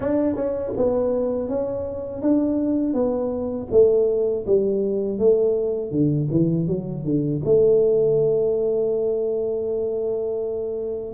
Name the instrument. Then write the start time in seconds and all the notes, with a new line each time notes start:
tuba
0.00 D4
0.35 C#4
0.76 B3
1.48 C#4
2.22 D4
2.93 B3
3.71 A3
4.46 G3
5.19 A3
5.91 D3
6.30 E3
6.67 F#3
7.04 D3
7.44 A3